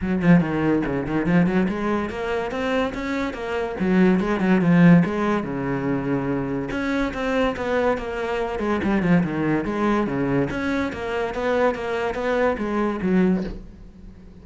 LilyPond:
\new Staff \with { instrumentName = "cello" } { \time 4/4 \tempo 4 = 143 fis8 f8 dis4 cis8 dis8 f8 fis8 | gis4 ais4 c'4 cis'4 | ais4 fis4 gis8 fis8 f4 | gis4 cis2. |
cis'4 c'4 b4 ais4~ | ais8 gis8 g8 f8 dis4 gis4 | cis4 cis'4 ais4 b4 | ais4 b4 gis4 fis4 | }